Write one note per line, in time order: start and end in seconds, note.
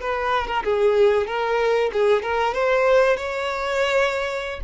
0.00 0.47 B4
0.47 0.63 A#4
0.64 1.27 G#4
1.27 1.91 A#4
1.93 2.23 G#4
2.23 2.54 A#4
2.54 3.17 C5
3.17 4.60 C#5